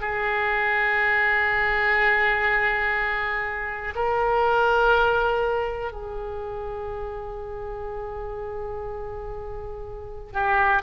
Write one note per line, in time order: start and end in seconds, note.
0.00 3.93 G#4
3.95 5.92 A#4
5.92 10.33 G#4
10.33 10.82 G4